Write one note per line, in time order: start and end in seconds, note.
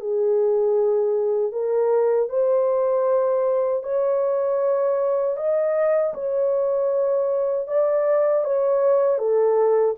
0.00 1.52 G#4
1.52 2.29 A#4
2.29 3.83 C5
3.83 5.37 C#5
5.37 6.14 D#5
6.14 7.67 C#5
7.67 8.44 D5
8.44 9.19 C#5
9.19 9.95 A4